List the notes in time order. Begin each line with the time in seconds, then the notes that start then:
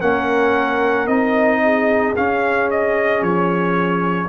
0.00 A#3 C#4 A#4 F#5
1.06 C4 D#4 D#5
1.64 G#4
2.16 C#4 F5
2.70 D#5
3.21 F3 C#5